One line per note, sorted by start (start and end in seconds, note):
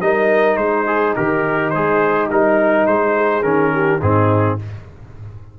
0.00 0.57 G3
0.00 0.86 D#4
0.00 0.59 A#4
0.00 0.56 D#5
0.56 1.14 G#3
0.56 3.16 D#4
0.56 1.14 C5
0.86 1.15 G#4
1.16 1.74 D#3
1.16 1.73 G4
1.16 1.70 A#4
1.70 2.30 G#3
1.70 2.30 G#4
1.70 2.27 C5
2.30 2.87 G3
2.30 3.42 D#4
2.30 2.86 A#4
2.86 3.43 G#3
2.86 3.43 C5
3.16 3.73 G#4
3.42 4.00 D#3
3.42 4.00 C#4
3.42 4.00 A#4
3.73 4.00 G4
4.00 4.58 G#2
4.00 4.59 C4
4.00 4.57 D#4
4.00 4.58 G#4